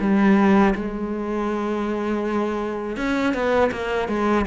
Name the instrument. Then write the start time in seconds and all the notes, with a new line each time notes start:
cello
0.00 G3
0.75 G#3
2.97 C#4
3.34 B3
3.72 A#3
4.08 G#3